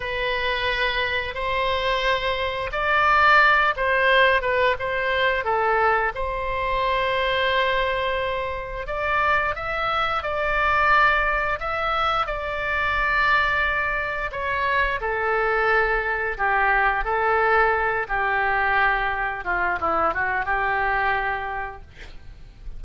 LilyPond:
\new Staff \with { instrumentName = "oboe" } { \time 4/4 \tempo 4 = 88 b'2 c''2 | d''4. c''4 b'8 c''4 | a'4 c''2.~ | c''4 d''4 e''4 d''4~ |
d''4 e''4 d''2~ | d''4 cis''4 a'2 | g'4 a'4. g'4.~ | g'8 f'8 e'8 fis'8 g'2 | }